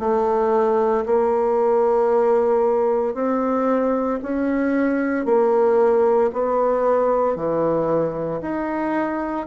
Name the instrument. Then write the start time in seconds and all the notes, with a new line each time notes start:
bassoon
0.00 A3
1.06 A#3
3.14 C4
4.23 C#4
5.26 A#3
6.33 B3
7.36 E3
8.42 D#4